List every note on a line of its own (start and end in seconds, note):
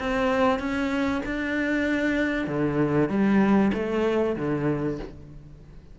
0.00 0.59 C4
0.59 1.22 C#4
1.26 2.47 D4
2.47 3.09 D3
3.09 3.72 G3
3.74 4.36 A3
4.36 4.99 D3